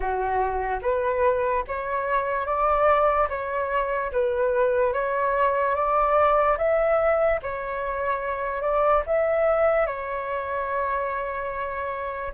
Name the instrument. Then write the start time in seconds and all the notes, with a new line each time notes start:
flute
0.00 F#4
0.82 B4
1.67 C#5
2.45 D5
3.29 C#5
4.12 B4
4.93 C#5
5.75 D5
6.58 E5
7.42 C#5
8.61 D5
9.06 E5
9.86 C#5